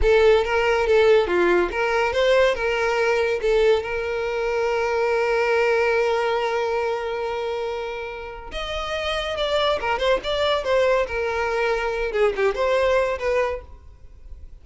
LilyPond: \new Staff \with { instrumentName = "violin" } { \time 4/4 \tempo 4 = 141 a'4 ais'4 a'4 f'4 | ais'4 c''4 ais'2 | a'4 ais'2.~ | ais'1~ |
ais'1 | dis''2 d''4 ais'8 c''8 | d''4 c''4 ais'2~ | ais'8 gis'8 g'8 c''4. b'4 | }